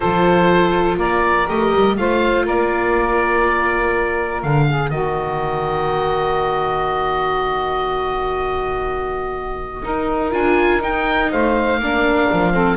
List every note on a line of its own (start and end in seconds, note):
0.00 0.97 F3
0.00 1.46 F4
0.00 0.97 A4
0.00 0.98 C5
0.97 1.46 A#3
0.97 1.95 A#4
0.97 1.48 D5
1.46 1.74 A3
1.46 1.95 G4
1.46 1.96 D#5
1.74 1.98 G3
1.96 2.47 A3
1.96 4.44 F4
1.96 2.44 C5
1.96 2.46 F5
2.44 4.43 A#3
2.44 4.66 A#4
2.44 4.42 D5
4.42 4.90 D3
4.42 9.82 A#3
4.42 4.90 F5
4.67 4.91 G#4
4.90 9.82 D#3
4.90 9.82 F#4
4.90 10.31 D#5
9.82 10.32 D#4
9.82 11.31 A#4
10.32 10.81 D4
10.32 10.80 F4
10.32 10.82 G#5
10.80 11.78 D#4
10.80 11.30 D#4
10.80 11.32 G5
11.31 11.78 A3
11.31 11.80 C5
11.31 12.77 F5
11.78 12.27 A#3
11.78 12.53 D4
11.78 12.52 A#4
12.32 12.77 F3
12.52 12.77 C4
12.52 12.77 A4